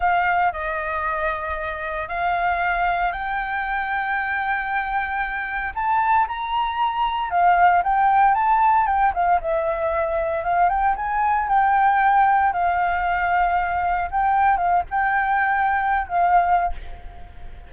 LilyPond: \new Staff \with { instrumentName = "flute" } { \time 4/4 \tempo 4 = 115 f''4 dis''2. | f''2 g''2~ | g''2. a''4 | ais''2 f''4 g''4 |
a''4 g''8 f''8 e''2 | f''8 g''8 gis''4 g''2 | f''2. g''4 | f''8 g''2~ g''16 f''4~ f''16 | }